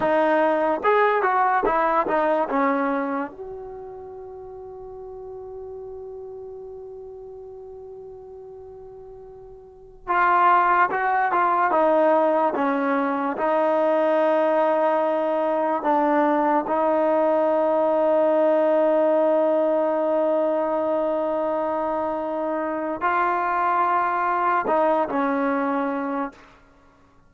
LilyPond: \new Staff \with { instrumentName = "trombone" } { \time 4/4 \tempo 4 = 73 dis'4 gis'8 fis'8 e'8 dis'8 cis'4 | fis'1~ | fis'1~ | fis'16 f'4 fis'8 f'8 dis'4 cis'8.~ |
cis'16 dis'2. d'8.~ | d'16 dis'2.~ dis'8.~ | dis'1 | f'2 dis'8 cis'4. | }